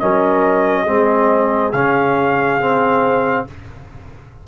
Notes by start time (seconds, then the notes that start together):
0.00 F#3 C#4 A#4 D#5
0.83 G#3 C4 G#4
1.72 C#3 C#4 F5
2.61 C4